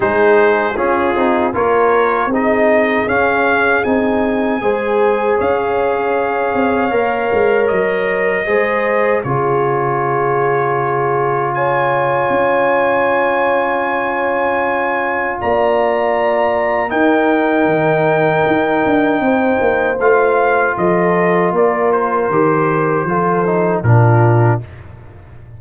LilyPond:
<<
  \new Staff \with { instrumentName = "trumpet" } { \time 4/4 \tempo 4 = 78 c''4 gis'4 cis''4 dis''4 | f''4 gis''2 f''4~ | f''2 dis''2 | cis''2. gis''4~ |
gis''1 | ais''2 g''2~ | g''2 f''4 dis''4 | d''8 c''2~ c''8 ais'4 | }
  \new Staff \with { instrumentName = "horn" } { \time 4/4 gis'4 f'4 ais'4 gis'4~ | gis'2 c''4 cis''4~ | cis''2. c''4 | gis'2. cis''4~ |
cis''1 | d''2 ais'2~ | ais'4 c''2 a'4 | ais'2 a'4 f'4 | }
  \new Staff \with { instrumentName = "trombone" } { \time 4/4 dis'4 cis'8 dis'8 f'4 dis'4 | cis'4 dis'4 gis'2~ | gis'4 ais'2 gis'4 | f'1~ |
f'1~ | f'2 dis'2~ | dis'2 f'2~ | f'4 g'4 f'8 dis'8 d'4 | }
  \new Staff \with { instrumentName = "tuba" } { \time 4/4 gis4 cis'8 c'8 ais4 c'4 | cis'4 c'4 gis4 cis'4~ | cis'8 c'8 ais8 gis8 fis4 gis4 | cis1 |
cis'1 | ais2 dis'4 dis4 | dis'8 d'8 c'8 ais8 a4 f4 | ais4 dis4 f4 ais,4 | }
>>